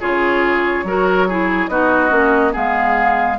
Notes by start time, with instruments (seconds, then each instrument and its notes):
0.00 bassoon C#3, clarinet F4, oboe G#4, flute C#5
0.84 bassoon F#3, clarinet F#4, oboe A#4
1.28 clarinet E4, oboe G#4
1.68 bassoon B3, clarinet D#4, oboe F#4, flute D#5
2.10 bassoon A#3, clarinet C#4
2.52 bassoon G#3, clarinet B3, oboe G#4, flute F5